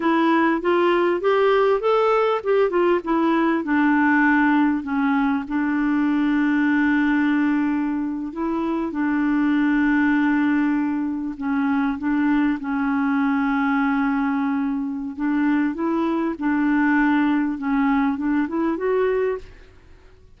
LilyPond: \new Staff \with { instrumentName = "clarinet" } { \time 4/4 \tempo 4 = 99 e'4 f'4 g'4 a'4 | g'8 f'8 e'4 d'2 | cis'4 d'2.~ | d'4.~ d'16 e'4 d'4~ d'16~ |
d'2~ d'8. cis'4 d'16~ | d'8. cis'2.~ cis'16~ | cis'4 d'4 e'4 d'4~ | d'4 cis'4 d'8 e'8 fis'4 | }